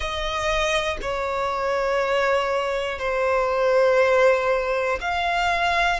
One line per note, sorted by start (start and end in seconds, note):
0.00 0.97 D#5
1.01 2.99 C#5
2.99 4.99 C5
5.00 6.00 F5